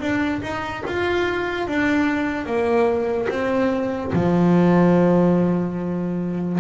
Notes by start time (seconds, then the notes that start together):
0.00 D4
0.42 D#4
0.87 F4
1.67 D4
2.46 A#3
3.29 C4
4.12 F3